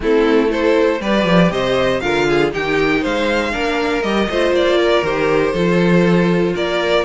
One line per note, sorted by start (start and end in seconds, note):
0.00 1.00 A3
0.00 0.48 C4
0.00 0.50 E4
0.00 0.51 A4
0.48 0.98 E4
0.48 1.01 A4
0.48 1.01 C5
1.00 1.24 G3
1.00 2.01 G4
1.00 1.51 B4
1.00 1.52 D5
1.24 1.49 F3
1.50 2.01 C3
1.50 2.02 C5
1.50 2.00 D#5
2.00 2.53 D3
2.00 2.51 F4
2.00 2.27 A#4
2.00 2.50 F5
2.28 2.53 G#4
2.51 3.04 D#3
2.51 3.51 D#4
2.51 3.01 G4
2.51 3.04 G5
3.01 3.55 G#3
3.01 3.51 C5
3.01 4.02 F5
3.51 4.03 A#3
3.51 4.01 D4
3.51 4.28 A#4
4.02 4.28 G3
4.02 4.29 G4
4.02 4.53 D#5
4.29 4.51 A3
4.29 5.05 F4
4.29 4.78 C5
4.51 5.02 A#3
4.51 5.04 D5
4.78 5.53 A#4
5.02 5.53 D#3
5.02 5.55 G4
5.02 6.55 C5
5.53 6.54 F3
5.53 7.05 F4
5.53 6.53 A4
6.54 7.05 A#3
6.54 7.05 A#4
6.54 7.05 D5